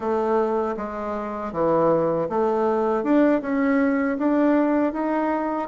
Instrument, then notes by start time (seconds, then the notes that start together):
bassoon
0.00 A3
0.77 G#3
1.52 E3
2.29 A3
3.03 D4
3.41 C#4
4.18 D4
4.92 D#4